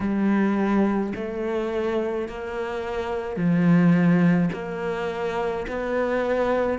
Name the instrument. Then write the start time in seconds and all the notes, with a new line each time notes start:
cello
0.00 G3
1.15 A3
2.28 A#3
3.36 F3
4.53 A#3
5.67 B3